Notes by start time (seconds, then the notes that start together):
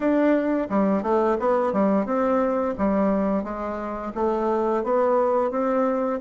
0.00 D4
0.69 G3
1.02 A3
1.39 B3
1.72 G3
2.05 C4
2.77 G3
3.43 G#3
4.14 A3
4.83 B3
5.50 C4